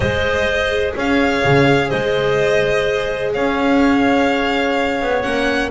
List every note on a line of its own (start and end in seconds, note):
0.00 0.94 G#3
0.00 5.22 G#4
0.00 0.94 C5
0.00 0.93 D#5
0.96 1.43 C#4
0.96 1.88 C#5
0.96 1.89 F5
1.44 1.92 C#3
1.88 3.35 G#3
1.88 3.31 C5
1.88 3.32 D#5
3.33 5.01 C#4
3.33 5.71 C#5
3.33 5.22 F5
5.01 5.25 B3
5.22 5.71 A#3
5.22 5.69 C#4
5.22 5.69 F#5